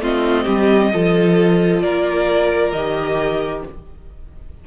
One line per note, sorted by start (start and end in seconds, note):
0.00 0.45 A3
0.00 0.92 C4
0.00 0.44 F4
0.00 1.82 D#5
0.44 0.93 G3
0.44 0.89 G4
0.93 1.83 F3
0.93 2.74 F4
0.93 1.83 A4
1.82 2.72 A#3
1.82 3.64 A#4
1.82 2.72 D5
2.72 3.63 D#3
2.72 3.67 G4
2.72 3.63 D#5